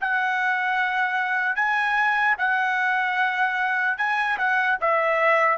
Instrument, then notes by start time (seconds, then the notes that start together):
trumpet
0.00 F#5
1.56 G#5
2.38 F#5
3.97 G#5
4.38 F#5
4.81 E5